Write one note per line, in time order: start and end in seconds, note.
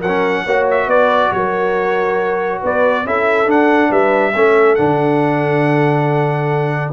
0.00 0.45 F#3
0.00 0.43 A#4
0.00 0.66 F#5
0.07 0.47 C#4
0.44 0.86 A#3
0.44 3.06 F#4
0.44 0.87 C#5
0.70 0.89 E5
0.86 1.29 B3
0.86 1.32 B4
0.86 1.32 D5
1.32 2.61 F#3
1.32 2.61 A#4
1.32 2.62 C#5
2.61 3.05 B3
2.61 3.04 B4
2.61 3.06 D5
3.05 3.46 C#4
3.05 3.46 E4
3.05 3.89 A4
3.05 3.50 E5
3.46 4.32 D4
3.46 3.89 D4
3.46 3.92 F#5
3.89 4.34 G3
3.89 4.32 B4
3.89 4.75 E5
4.33 4.77 A3
4.33 4.77 C#4
4.33 6.92 A4
4.75 6.92 D3
4.75 6.92 D4
4.75 6.91 F#5